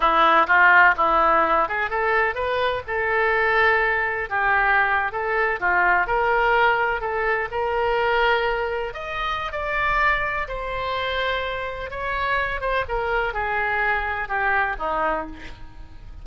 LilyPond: \new Staff \with { instrumentName = "oboe" } { \time 4/4 \tempo 4 = 126 e'4 f'4 e'4. gis'8 | a'4 b'4 a'2~ | a'4 g'4.~ g'16 a'4 f'16~ | f'8. ais'2 a'4 ais'16~ |
ais'2~ ais'8. dis''4~ dis''16 | d''2 c''2~ | c''4 cis''4. c''8 ais'4 | gis'2 g'4 dis'4 | }